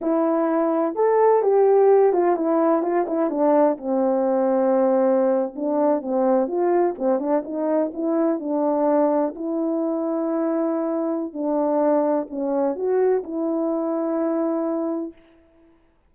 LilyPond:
\new Staff \with { instrumentName = "horn" } { \time 4/4 \tempo 4 = 127 e'2 a'4 g'4~ | g'8 f'8 e'4 f'8 e'8 d'4 | c'2.~ c'8. d'16~ | d'8. c'4 f'4 c'8 d'8 dis'16~ |
dis'8. e'4 d'2 e'16~ | e'1 | d'2 cis'4 fis'4 | e'1 | }